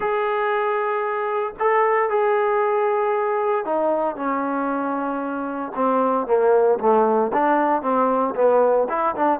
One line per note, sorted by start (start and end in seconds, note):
0.00 1.53 G#4
1.59 2.09 A4
2.09 3.65 G#4
3.65 4.15 D#4
4.15 5.72 C#4
5.75 6.26 C4
6.26 6.78 A#3
6.79 7.31 A3
7.33 7.82 D4
7.82 8.34 C4
8.35 8.87 B3
8.89 9.15 E4
9.15 9.39 D4